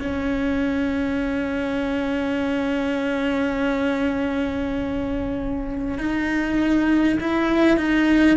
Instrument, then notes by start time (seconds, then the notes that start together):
cello
0.00 C#4
5.98 D#4
7.21 E4
7.77 D#4